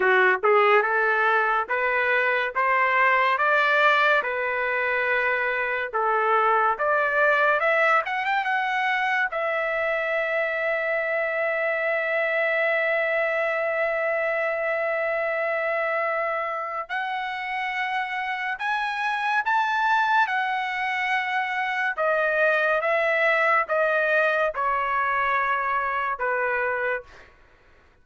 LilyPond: \new Staff \with { instrumentName = "trumpet" } { \time 4/4 \tempo 4 = 71 fis'8 gis'8 a'4 b'4 c''4 | d''4 b'2 a'4 | d''4 e''8 fis''16 g''16 fis''4 e''4~ | e''1~ |
e''1 | fis''2 gis''4 a''4 | fis''2 dis''4 e''4 | dis''4 cis''2 b'4 | }